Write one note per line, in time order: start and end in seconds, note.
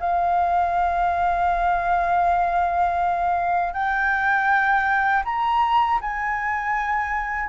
0.00 3.74 F5
3.74 5.24 G5
5.25 6.00 A#5
6.01 7.49 G#5